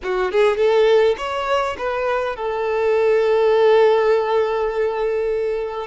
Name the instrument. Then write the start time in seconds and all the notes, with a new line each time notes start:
violin
0.03 F#4
0.31 G#4
0.56 A4
1.17 C#5
1.78 B4
2.36 A4